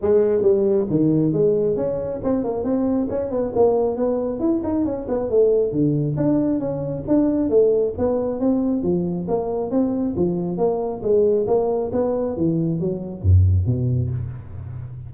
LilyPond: \new Staff \with { instrumentName = "tuba" } { \time 4/4 \tempo 4 = 136 gis4 g4 dis4 gis4 | cis'4 c'8 ais8 c'4 cis'8 b8 | ais4 b4 e'8 dis'8 cis'8 b8 | a4 d4 d'4 cis'4 |
d'4 a4 b4 c'4 | f4 ais4 c'4 f4 | ais4 gis4 ais4 b4 | e4 fis4 fis,4 b,4 | }